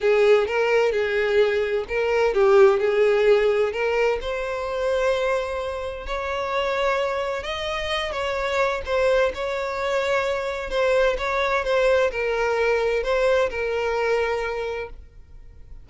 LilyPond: \new Staff \with { instrumentName = "violin" } { \time 4/4 \tempo 4 = 129 gis'4 ais'4 gis'2 | ais'4 g'4 gis'2 | ais'4 c''2.~ | c''4 cis''2. |
dis''4. cis''4. c''4 | cis''2. c''4 | cis''4 c''4 ais'2 | c''4 ais'2. | }